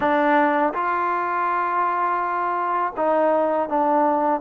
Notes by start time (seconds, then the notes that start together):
0.00 D4
0.73 F4
2.96 D#4
3.69 D4